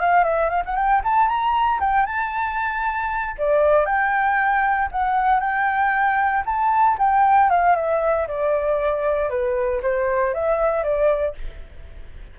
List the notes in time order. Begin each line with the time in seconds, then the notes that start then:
0.00 F5
0.24 E5
0.50 F5
0.66 F#5
0.76 G5
1.04 A5
1.28 A#5
1.80 G5
2.06 A5
3.38 D5
3.86 G5
4.92 F#5
5.40 G5
6.46 A5
6.99 G5
7.50 F5
7.76 E5
8.28 D5
9.30 B4
9.83 C5
10.34 E5
10.83 D5